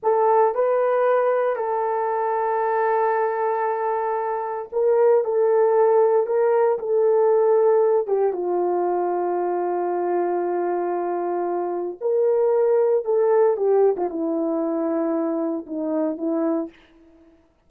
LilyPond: \new Staff \with { instrumentName = "horn" } { \time 4/4 \tempo 4 = 115 a'4 b'2 a'4~ | a'1~ | a'4 ais'4 a'2 | ais'4 a'2~ a'8 g'8 |
f'1~ | f'2. ais'4~ | ais'4 a'4 g'8. f'16 e'4~ | e'2 dis'4 e'4 | }